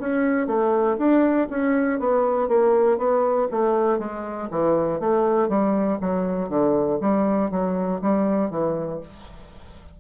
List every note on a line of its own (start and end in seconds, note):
0.00 0.47 C#4
0.47 0.97 A3
0.98 1.48 D4
1.50 2.00 C#4
2.00 2.48 B3
2.48 2.98 A#3
2.98 3.48 B3
3.51 3.99 A3
3.99 4.49 G#3
4.51 5.00 E3
5.00 5.49 A3
5.49 5.99 G3
6.01 6.49 F#3
6.49 6.99 D3
7.01 7.50 G3
7.50 8.00 F#3
8.01 8.50 G3
8.50 9.00 E3